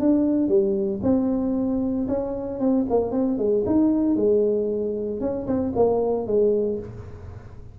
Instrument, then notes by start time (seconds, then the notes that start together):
tuba
0.00 D4
0.48 G3
1.03 C4
2.08 C#4
2.59 C4
2.90 A#3
3.12 C4
3.38 G#3
3.66 D#4
4.16 G#3
5.20 C#4
5.46 C4
5.76 A#3
6.27 G#3